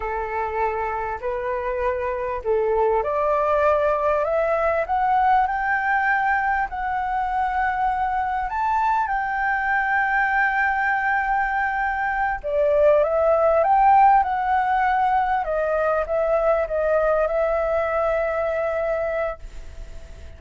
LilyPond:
\new Staff \with { instrumentName = "flute" } { \time 4/4 \tempo 4 = 99 a'2 b'2 | a'4 d''2 e''4 | fis''4 g''2 fis''4~ | fis''2 a''4 g''4~ |
g''1~ | g''8 d''4 e''4 g''4 fis''8~ | fis''4. dis''4 e''4 dis''8~ | dis''8 e''2.~ e''8 | }